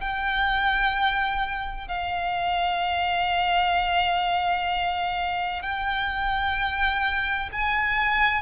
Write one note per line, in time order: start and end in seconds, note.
0.00 1.87 G5
1.87 5.62 F5
5.62 7.50 G5
7.52 8.42 G#5